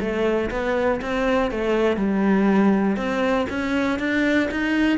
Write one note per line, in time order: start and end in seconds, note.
0.00 0.50 A3
0.51 1.01 B3
1.01 1.51 C4
1.51 1.97 A3
1.97 2.96 G3
2.96 3.46 C4
3.49 3.99 C#4
3.99 4.49 D4
4.51 4.98 D#4